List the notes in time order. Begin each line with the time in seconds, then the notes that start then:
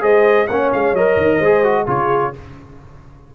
0.00 G#3 G#4 C5 D#5
0.47 A#3 C#4 C#5 F#5
0.72 G#3 F5
0.93 F#3 A#4 D#5
1.16 D#3
1.38 G#3 G#4 C5
1.63 F#4
1.86 C#3 F4 G#4 C#5